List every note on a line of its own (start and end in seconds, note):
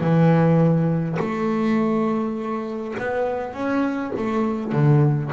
0.00 1.18 E3
1.19 2.96 A3
2.98 3.53 B3
3.53 4.12 C#4
4.17 4.72 A3
4.72 5.31 D3